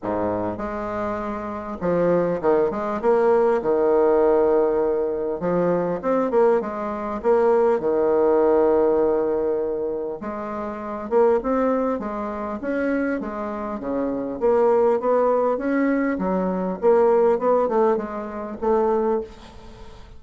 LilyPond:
\new Staff \with { instrumentName = "bassoon" } { \time 4/4 \tempo 4 = 100 gis,4 gis2 f4 | dis8 gis8 ais4 dis2~ | dis4 f4 c'8 ais8 gis4 | ais4 dis2.~ |
dis4 gis4. ais8 c'4 | gis4 cis'4 gis4 cis4 | ais4 b4 cis'4 fis4 | ais4 b8 a8 gis4 a4 | }